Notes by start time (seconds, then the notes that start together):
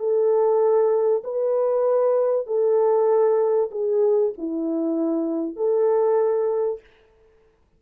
0.00 A4
1.24 B4
2.47 A4
3.72 G#4
4.38 E4
5.57 A4